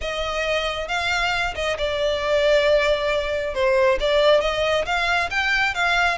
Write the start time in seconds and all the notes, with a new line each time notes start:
0.01 D#5
0.88 F5
1.55 D#5
1.78 D5
3.54 C5
4.00 D5
4.41 D#5
4.85 F5
5.30 G5
5.74 F5